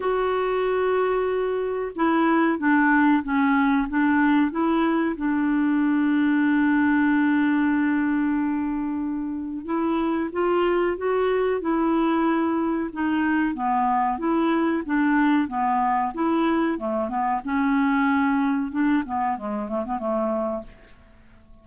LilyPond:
\new Staff \with { instrumentName = "clarinet" } { \time 4/4 \tempo 4 = 93 fis'2. e'4 | d'4 cis'4 d'4 e'4 | d'1~ | d'2. e'4 |
f'4 fis'4 e'2 | dis'4 b4 e'4 d'4 | b4 e'4 a8 b8 cis'4~ | cis'4 d'8 b8 gis8 a16 b16 a4 | }